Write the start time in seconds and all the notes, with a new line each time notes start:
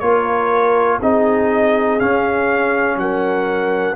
0.00 A#3 F4 A#4 C#5
1.00 C4 D#4 G#4 D#5
1.99 C#4 F5
2.96 F#3 A#4 F#5